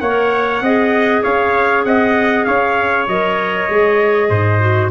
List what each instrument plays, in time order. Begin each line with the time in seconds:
0.00 tuba A#3, clarinet A#4, trumpet C#5 F#5
0.61 tuba C4, clarinet G#4, trumpet D#5
1.23 tuba C#4, trumpet C#5 F5
1.84 tuba C4, trumpet D#5 F#5
2.44 tuba C#4, trumpet C#5 F5
3.07 tuba F#3, clarinet A#4, trumpet D#5
3.69 tuba G#3, clarinet G#4
4.29 tuba G#2, trumpet C5
4.60 clarinet F#4